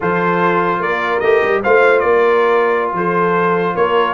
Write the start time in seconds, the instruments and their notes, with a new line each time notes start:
0.00 tuba F3, trombone F4, horn A4, trumpet C5
0.79 tuba A#3, horn A#4, trumpet D5
1.19 tuba A3, trombone G4, trumpet D#5
1.42 tuba G3
1.62 tuba A3, trombone F4, horn C5, trumpet F5
1.99 tuba A#3, horn A#4, trumpet D5
2.93 tuba F3, horn A4, trumpet C5
3.74 tuba A#3, horn A#4, trumpet C#5